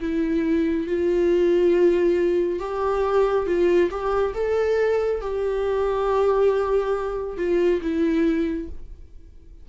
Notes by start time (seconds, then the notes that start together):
0.00 E4
0.87 F4
2.59 G4
3.46 F4
3.91 G4
4.34 A4
5.21 G4
7.37 F4
7.81 E4